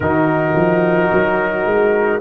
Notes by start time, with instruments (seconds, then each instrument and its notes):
0.00 tuba D#3, trombone D#4, horn F#4, trumpet A#4
0.54 tuba F3
1.12 tuba F#3
1.65 tuba G#3